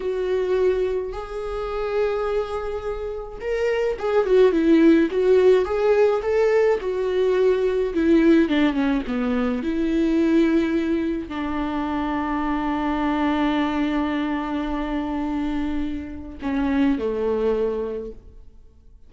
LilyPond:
\new Staff \with { instrumentName = "viola" } { \time 4/4 \tempo 4 = 106 fis'2 gis'2~ | gis'2 ais'4 gis'8 fis'8 | e'4 fis'4 gis'4 a'4 | fis'2 e'4 d'8 cis'8 |
b4 e'2. | d'1~ | d'1~ | d'4 cis'4 a2 | }